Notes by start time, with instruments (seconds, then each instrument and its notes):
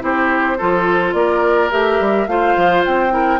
0.00 bassoon C4, clarinet E4, oboe G4, flute C5
0.58 bassoon F3, clarinet F4, oboe A4
1.13 bassoon A#3, oboe A#4, flute D5
1.71 bassoon A3, clarinet G4, flute E5
2.00 bassoon G3
2.27 bassoon A3, clarinet F4, oboe C5, flute F5
2.56 bassoon F3
2.85 bassoon C4, flute G5
3.10 clarinet E4, oboe A#4